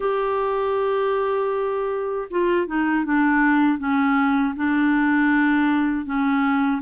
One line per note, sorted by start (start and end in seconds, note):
0.00 2.28 G4
2.30 2.67 F4
2.67 3.04 D#4
3.04 3.78 D4
3.78 4.54 C#4
4.56 6.06 D4
6.06 6.81 C#4